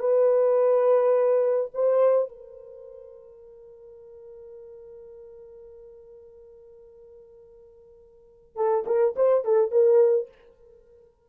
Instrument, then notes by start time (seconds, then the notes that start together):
horn
0.00 B4
1.75 C5
2.29 A#4
8.56 A4
8.87 A#4
9.16 C5
9.45 A4
9.72 A#4